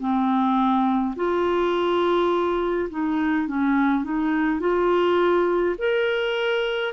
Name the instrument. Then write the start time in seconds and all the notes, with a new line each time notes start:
clarinet
0.00 C4
1.16 F4
2.91 D#4
3.48 C#4
4.04 D#4
4.60 F4
5.79 A#4